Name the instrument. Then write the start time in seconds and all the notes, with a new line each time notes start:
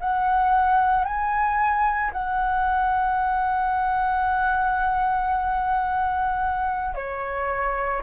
flute
0.00 F#5
1.04 G#5
2.12 F#5
6.94 C#5